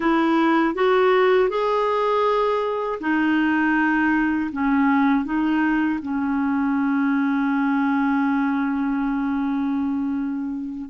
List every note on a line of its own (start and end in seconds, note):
0.00 0.74 E4
0.75 1.49 F#4
1.49 2.99 G#4
3.00 4.50 D#4
4.52 5.24 C#4
5.24 5.99 D#4
6.02 10.89 C#4